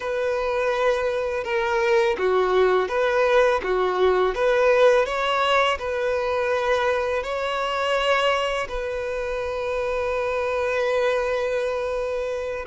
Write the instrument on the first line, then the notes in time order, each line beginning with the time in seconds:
violin
0.00 B4
1.44 A#4
2.18 F#4
2.88 B4
3.63 F#4
4.34 B4
5.05 C#5
5.78 B4
7.23 C#5
8.68 B4